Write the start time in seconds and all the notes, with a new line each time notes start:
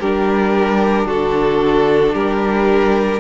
0.00 G3 D4 G4 A#4
1.06 D3 F#4 A4
2.14 G3 G4 A#4